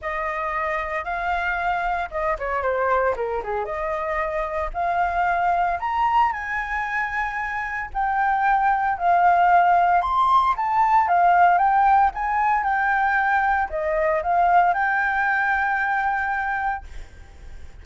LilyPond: \new Staff \with { instrumentName = "flute" } { \time 4/4 \tempo 4 = 114 dis''2 f''2 | dis''8 cis''8 c''4 ais'8 gis'8 dis''4~ | dis''4 f''2 ais''4 | gis''2. g''4~ |
g''4 f''2 c'''4 | a''4 f''4 g''4 gis''4 | g''2 dis''4 f''4 | g''1 | }